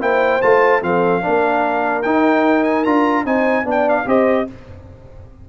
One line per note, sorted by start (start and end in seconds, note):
0.00 0.41 A#3
0.00 0.41 E4
0.00 0.82 C5
0.00 0.41 G5
0.41 0.82 A3
0.41 0.81 F4
0.41 0.82 A5
0.81 1.23 F3
0.81 1.21 C4
0.81 1.23 A4
0.81 2.02 F5
1.21 2.05 A#3
1.21 2.02 D4
1.21 3.26 A#4
2.02 2.86 D#4
2.02 2.85 D#4
2.02 2.63 G5
2.63 2.84 G#5
2.84 3.25 D4
2.84 3.25 F4
2.84 3.24 A#5
3.25 3.64 C4
3.25 3.64 D#4
3.25 3.66 C5
3.25 3.66 G#5
3.64 4.04 B3
3.64 4.05 D4
3.64 4.06 D5
3.70 3.89 G5
3.89 4.08 F5
4.06 4.46 C4
4.06 4.46 G4
4.06 4.47 C5
4.06 4.49 D#5